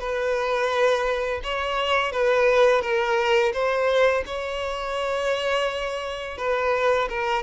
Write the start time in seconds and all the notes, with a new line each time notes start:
0.00 B4
1.44 C#5
2.12 B4
2.82 A#4
3.53 C5
4.26 C#5
6.38 B4
7.10 A#4